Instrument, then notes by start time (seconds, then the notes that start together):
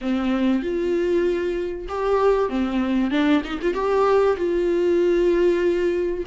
viola
0.01 C4
0.62 F4
1.88 G4
2.49 C4
3.11 D4
3.44 D#4
3.61 F4
3.74 G4
4.37 F4